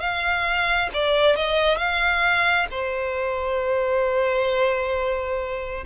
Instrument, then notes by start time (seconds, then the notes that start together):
violin
0.00 F5
0.94 D5
1.36 D#5
1.77 F5
2.71 C5